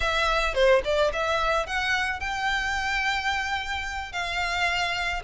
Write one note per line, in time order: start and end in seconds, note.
0.00 0.54 E5
0.54 0.82 C5
0.84 1.11 D5
1.12 1.66 E5
1.66 2.20 F#5
2.20 4.12 G5
4.12 5.22 F5